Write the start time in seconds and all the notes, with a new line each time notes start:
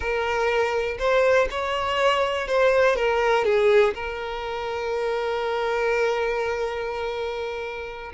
0.00 A#4
0.98 C5
1.50 C#5
2.47 C5
2.96 A#4
3.44 G#4
3.94 A#4